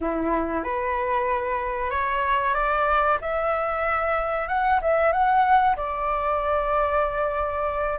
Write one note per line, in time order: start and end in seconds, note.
0.01 0.63 E4
0.63 1.90 B4
1.90 2.54 C#5
2.54 3.18 D5
3.21 4.48 E5
4.48 4.80 F#5
4.81 5.12 E5
5.12 5.76 F#5
5.76 7.99 D5